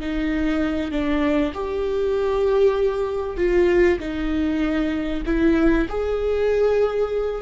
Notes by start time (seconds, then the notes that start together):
0.00 D#4
0.91 D4
1.54 G4
3.37 F4
3.99 D#4
5.26 E4
5.89 G#4